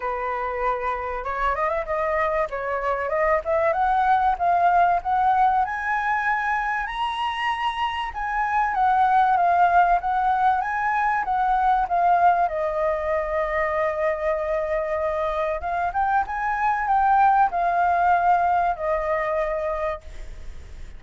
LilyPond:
\new Staff \with { instrumentName = "flute" } { \time 4/4 \tempo 4 = 96 b'2 cis''8 dis''16 e''16 dis''4 | cis''4 dis''8 e''8 fis''4 f''4 | fis''4 gis''2 ais''4~ | ais''4 gis''4 fis''4 f''4 |
fis''4 gis''4 fis''4 f''4 | dis''1~ | dis''4 f''8 g''8 gis''4 g''4 | f''2 dis''2 | }